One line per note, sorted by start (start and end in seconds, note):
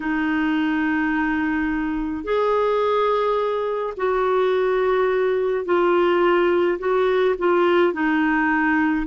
0.00 2.24 D#4
2.24 3.93 G#4
3.96 5.64 F#4
5.64 6.78 F4
6.78 7.35 F#4
7.38 7.93 F4
7.93 9.06 D#4